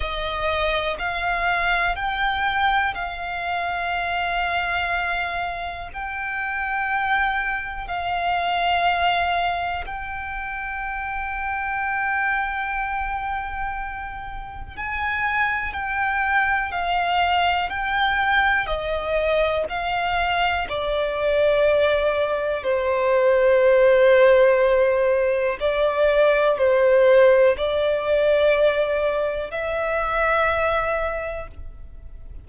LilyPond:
\new Staff \with { instrumentName = "violin" } { \time 4/4 \tempo 4 = 61 dis''4 f''4 g''4 f''4~ | f''2 g''2 | f''2 g''2~ | g''2. gis''4 |
g''4 f''4 g''4 dis''4 | f''4 d''2 c''4~ | c''2 d''4 c''4 | d''2 e''2 | }